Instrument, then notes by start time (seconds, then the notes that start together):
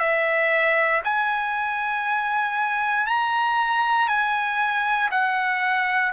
trumpet
0.00 E5
1.04 G#5
3.07 A#5
4.08 G#5
5.11 F#5